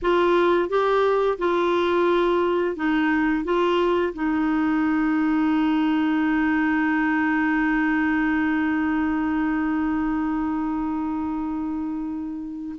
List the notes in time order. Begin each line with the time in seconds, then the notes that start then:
0.02 F4
0.69 G4
1.38 F4
2.76 D#4
3.44 F4
4.13 D#4